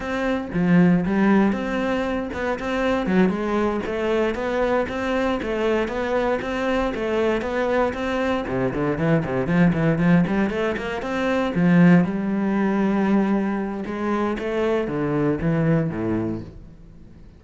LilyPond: \new Staff \with { instrumentName = "cello" } { \time 4/4 \tempo 4 = 117 c'4 f4 g4 c'4~ | c'8 b8 c'4 fis8 gis4 a8~ | a8 b4 c'4 a4 b8~ | b8 c'4 a4 b4 c'8~ |
c'8 c8 d8 e8 c8 f8 e8 f8 | g8 a8 ais8 c'4 f4 g8~ | g2. gis4 | a4 d4 e4 a,4 | }